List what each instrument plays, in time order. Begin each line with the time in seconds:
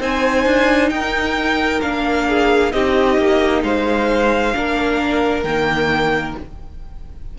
0.00 cello C4, viola D#4, violin C5 G#5
0.46 cello D4
0.90 cello D#4, violin A#4 G5
1.82 cello A#3, viola D4, violin F5
2.29 violin G#4
2.72 cello C4, viola D#4, violin G4 D#5
3.18 cello A#3
3.63 cello G#3, violin C5 F5
4.54 cello A#3, viola D4, violin A#4
5.43 cello D#3, viola A#3, violin G5